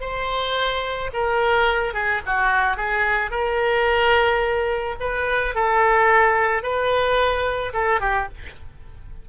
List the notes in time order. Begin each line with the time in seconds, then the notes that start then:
0.00 C5
1.13 A#4
1.93 G#4
2.25 F#4
2.76 G#4
3.30 A#4
4.99 B4
5.54 A4
6.62 B4
7.73 A4
8.00 G4